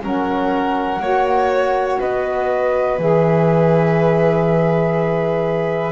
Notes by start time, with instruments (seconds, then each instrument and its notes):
0.00 double bass F#3, saxophone C#4, violin A#4, flute F#5
1.00 double bass A#3, saxophone F#4, violin C#5
2.00 double bass B3, violin B4, flute D#5
2.98 double bass E3, saxophone G#4, flute E5